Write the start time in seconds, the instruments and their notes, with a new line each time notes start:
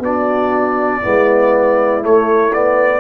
0.00 tuba B3, trombone D4, horn F#4, trumpet D5
1.01 tuba G#3, trombone B3, horn E4
2.02 trombone A3, tuba A3, trumpet C#5
2.53 trombone B3, trumpet D5